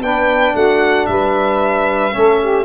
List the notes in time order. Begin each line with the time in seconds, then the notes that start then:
0.00 B3 D4 B4 G5
0.54 A3 F#4 F#5
1.06 G3 B4 E5
2.12 A3 C#4 A4
2.40 G4